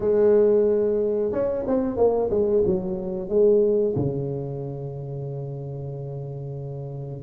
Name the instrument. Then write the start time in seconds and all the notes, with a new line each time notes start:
tuba
0.00 G#3
1.32 C#4
1.67 C4
1.96 A#3
2.30 G#3
2.66 F#3
3.28 G#3
3.95 C#3